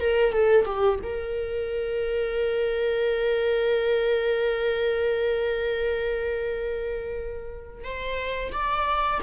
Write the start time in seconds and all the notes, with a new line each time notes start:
0.00 A#4
0.33 A4
0.65 G4
1.04 A#4
7.84 C5
8.52 D5